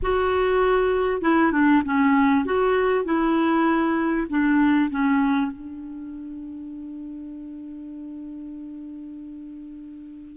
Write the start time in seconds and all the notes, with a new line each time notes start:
0.02 F#4
1.21 E4
1.52 D4
1.85 C#4
2.45 F#4
3.04 E4
4.29 D4
4.90 C#4
5.51 D4